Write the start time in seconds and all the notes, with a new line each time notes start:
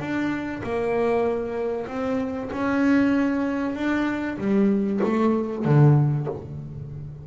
0.00 D4
0.64 A#3
1.88 C4
2.53 C#4
3.75 D4
4.38 G3
5.04 A3
5.65 D3